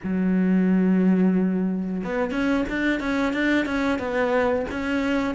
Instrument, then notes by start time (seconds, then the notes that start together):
cello
0.03 F#3
2.03 B3
2.31 C#4
2.68 D4
2.99 C#4
3.33 D4
3.65 C#4
3.98 B3
4.71 C#4